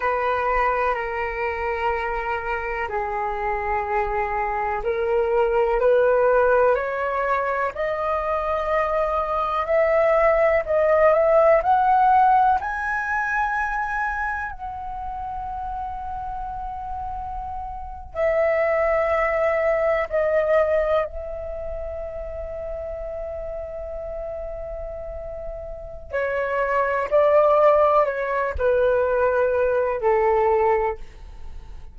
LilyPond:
\new Staff \with { instrumentName = "flute" } { \time 4/4 \tempo 4 = 62 b'4 ais'2 gis'4~ | gis'4 ais'4 b'4 cis''4 | dis''2 e''4 dis''8 e''8 | fis''4 gis''2 fis''4~ |
fis''2~ fis''8. e''4~ e''16~ | e''8. dis''4 e''2~ e''16~ | e''2. cis''4 | d''4 cis''8 b'4. a'4 | }